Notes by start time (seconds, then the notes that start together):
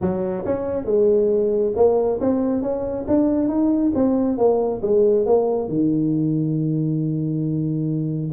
0.01 F#3
0.45 C#4
0.85 G#3
1.75 A#3
2.20 C4
2.61 C#4
3.07 D4
3.48 D#4
3.94 C4
4.37 A#3
4.82 G#3
5.26 A#3
5.68 D#3